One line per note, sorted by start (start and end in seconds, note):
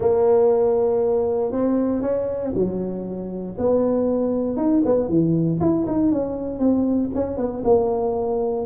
0.00 1.51 A#3
1.51 2.01 C4
2.01 2.52 C#4
2.54 3.56 F#3
3.58 4.56 B3
4.56 4.82 D#4
4.85 5.08 B3
5.08 5.59 E3
5.60 5.85 E4
5.86 6.12 D#4
6.12 6.59 C#4
6.59 7.10 C4
7.14 7.37 C#4
7.37 7.62 B3
7.64 8.66 A#3